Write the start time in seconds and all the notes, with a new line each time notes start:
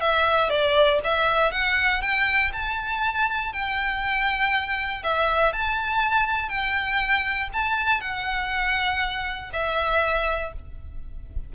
0.00 E5
0.49 D5
1.04 E5
1.51 F#5
2.01 G5
2.53 A5
3.53 G5
5.03 E5
5.53 A5
6.49 G5
7.53 A5
8.01 F#5
9.53 E5